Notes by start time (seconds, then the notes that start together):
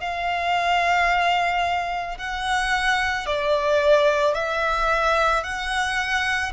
0.00 F5
2.18 F#5
3.26 D5
4.34 E5
5.43 F#5